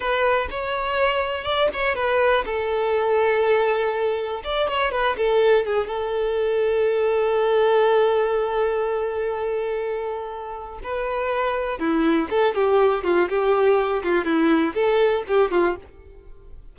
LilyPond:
\new Staff \with { instrumentName = "violin" } { \time 4/4 \tempo 4 = 122 b'4 cis''2 d''8 cis''8 | b'4 a'2.~ | a'4 d''8 cis''8 b'8 a'4 gis'8 | a'1~ |
a'1~ | a'2 b'2 | e'4 a'8 g'4 f'8 g'4~ | g'8 f'8 e'4 a'4 g'8 f'8 | }